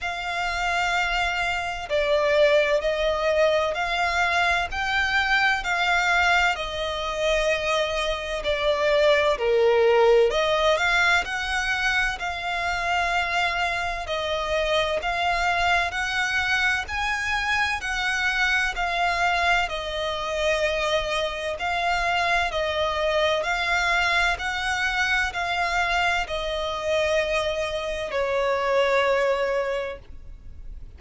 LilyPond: \new Staff \with { instrumentName = "violin" } { \time 4/4 \tempo 4 = 64 f''2 d''4 dis''4 | f''4 g''4 f''4 dis''4~ | dis''4 d''4 ais'4 dis''8 f''8 | fis''4 f''2 dis''4 |
f''4 fis''4 gis''4 fis''4 | f''4 dis''2 f''4 | dis''4 f''4 fis''4 f''4 | dis''2 cis''2 | }